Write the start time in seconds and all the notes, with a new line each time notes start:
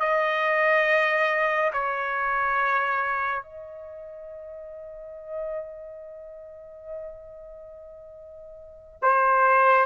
0.00 D#5
1.73 C#5
3.43 D#5
9.02 C5